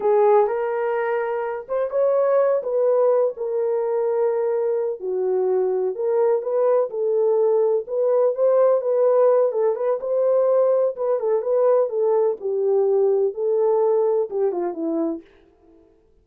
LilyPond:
\new Staff \with { instrumentName = "horn" } { \time 4/4 \tempo 4 = 126 gis'4 ais'2~ ais'8 c''8 | cis''4. b'4. ais'4~ | ais'2~ ais'8 fis'4.~ | fis'8 ais'4 b'4 a'4.~ |
a'8 b'4 c''4 b'4. | a'8 b'8 c''2 b'8 a'8 | b'4 a'4 g'2 | a'2 g'8 f'8 e'4 | }